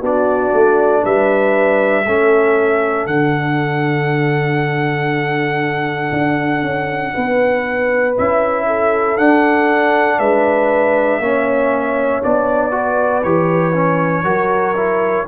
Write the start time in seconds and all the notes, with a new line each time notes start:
0.00 B3 D4 F#4 D5
0.53 A3
1.03 G3 B4 E5
2.04 A3 C#4 A4
3.06 D3 D4 F#5
6.12 D4
6.62 C#4
7.14 B3 B4
8.17 C#4 E4 E5
8.66 A4
9.17 D4 F#5
10.18 G#3 B4 E5
11.19 A#3 C#4 C#5
12.22 B3 D4 D5
12.71 F#4 B4
13.23 E3 G4 C#5
13.73 C#4
14.24 F#3 F#4 A#4
14.76 E4